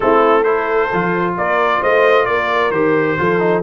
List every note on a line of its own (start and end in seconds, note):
0.00 0.90 A3
0.00 0.44 C4
0.00 0.43 E4
0.00 0.43 A4
0.43 0.89 E4
0.43 1.34 A4
0.43 1.34 C5
0.93 1.36 F3
0.93 2.73 F4
1.36 1.82 A#3
1.36 1.80 A#4
1.36 1.82 D5
1.80 2.27 A3
1.80 2.26 C5
1.80 2.25 D#5
2.25 2.71 A#3
2.25 3.19 A#4
2.25 2.71 D5
2.71 3.16 D#3
2.71 3.18 G4
2.71 3.62 C5
3.18 3.63 F3
3.18 3.39 F4
3.18 3.63 A4
3.39 3.62 D#4